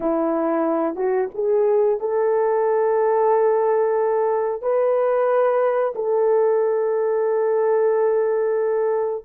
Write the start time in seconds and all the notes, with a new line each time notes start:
0.00 E4
0.95 F#4
1.34 G#4
2.00 A4
4.62 B4
5.95 A4